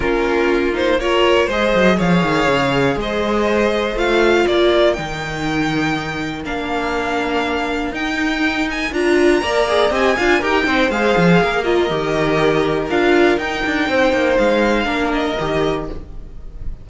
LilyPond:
<<
  \new Staff \with { instrumentName = "violin" } { \time 4/4 \tempo 4 = 121 ais'4. c''8 cis''4 dis''4 | f''2 dis''2 | f''4 d''4 g''2~ | g''4 f''2. |
g''4. gis''8 ais''2 | gis''4 g''4 f''4. dis''8~ | dis''2 f''4 g''4~ | g''4 f''4. dis''4. | }
  \new Staff \with { instrumentName = "violin" } { \time 4/4 f'2 ais'4 c''4 | cis''2 c''2~ | c''4 ais'2.~ | ais'1~ |
ais'2. d''4 | dis''8 f''8 ais'8 c''4. ais'4~ | ais'1 | c''2 ais'2 | }
  \new Staff \with { instrumentName = "viola" } { \time 4/4 cis'4. dis'8 f'4 gis'4~ | gis'1 | f'2 dis'2~ | dis'4 d'2. |
dis'2 f'4 ais'8 gis'8 | g'8 f'8 g'8 dis'8 gis'4. f'8 | g'2 f'4 dis'4~ | dis'2 d'4 g'4 | }
  \new Staff \with { instrumentName = "cello" } { \time 4/4 ais2. gis8 fis8 | f8 dis8 cis4 gis2 | a4 ais4 dis2~ | dis4 ais2. |
dis'2 d'4 ais4 | c'8 d'8 dis'8 c'8 gis8 f8 ais4 | dis2 d'4 dis'8 d'8 | c'8 ais8 gis4 ais4 dis4 | }
>>